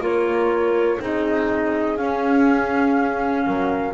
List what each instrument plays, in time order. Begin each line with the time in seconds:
0.00 double bass A#3, clarinet F4, horn A#4, flute C#5
1.00 double bass C4, clarinet D#4, horn G#4, flute D#5
1.97 clarinet C#4, double bass C#4, flute F5
3.47 double bass F#3, horn A#4